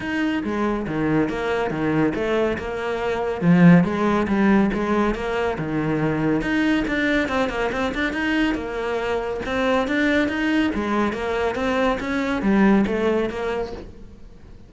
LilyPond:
\new Staff \with { instrumentName = "cello" } { \time 4/4 \tempo 4 = 140 dis'4 gis4 dis4 ais4 | dis4 a4 ais2 | f4 gis4 g4 gis4 | ais4 dis2 dis'4 |
d'4 c'8 ais8 c'8 d'8 dis'4 | ais2 c'4 d'4 | dis'4 gis4 ais4 c'4 | cis'4 g4 a4 ais4 | }